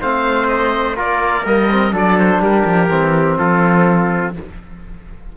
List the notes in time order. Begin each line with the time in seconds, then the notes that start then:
0.00 A3 C4 C5 F5
0.47 D#5
0.95 A#3 F4 A#4 D5
1.44 G3 A#3 D#5
1.71 C4
1.91 F#3 D4 A4 D5
2.18 C5
2.39 G3 G4 A#4
2.65 F3
2.89 E3 C4
3.38 F3 F4 A4